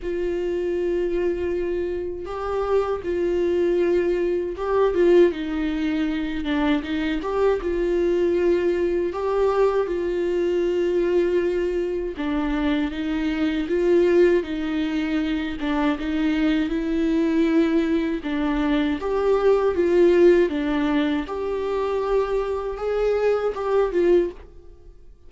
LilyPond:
\new Staff \with { instrumentName = "viola" } { \time 4/4 \tempo 4 = 79 f'2. g'4 | f'2 g'8 f'8 dis'4~ | dis'8 d'8 dis'8 g'8 f'2 | g'4 f'2. |
d'4 dis'4 f'4 dis'4~ | dis'8 d'8 dis'4 e'2 | d'4 g'4 f'4 d'4 | g'2 gis'4 g'8 f'8 | }